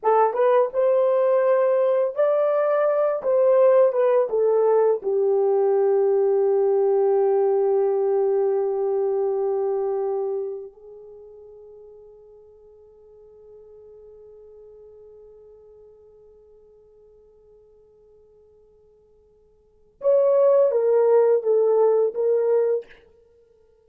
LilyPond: \new Staff \with { instrumentName = "horn" } { \time 4/4 \tempo 4 = 84 a'8 b'8 c''2 d''4~ | d''8 c''4 b'8 a'4 g'4~ | g'1~ | g'2. gis'4~ |
gis'1~ | gis'1~ | gis'1 | cis''4 ais'4 a'4 ais'4 | }